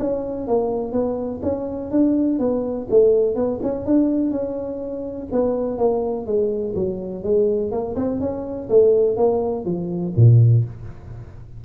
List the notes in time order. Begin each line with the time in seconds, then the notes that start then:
0.00 C#4
0.48 A#3
0.92 B3
1.43 C#4
1.91 D4
2.39 B3
2.91 A3
3.36 B3
3.63 C#4
3.86 D4
4.31 C#4
5.32 B3
5.78 A#3
6.26 G#3
6.75 F#3
7.24 G#3
7.72 A#3
7.96 C4
8.21 C#4
8.70 A3
9.17 A#3
9.65 F3
10.16 A#2